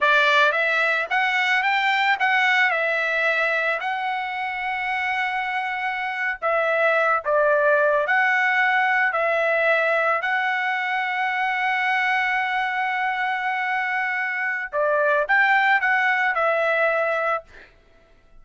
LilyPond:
\new Staff \with { instrumentName = "trumpet" } { \time 4/4 \tempo 4 = 110 d''4 e''4 fis''4 g''4 | fis''4 e''2 fis''4~ | fis''2.~ fis''8. e''16~ | e''4~ e''16 d''4. fis''4~ fis''16~ |
fis''8. e''2 fis''4~ fis''16~ | fis''1~ | fis''2. d''4 | g''4 fis''4 e''2 | }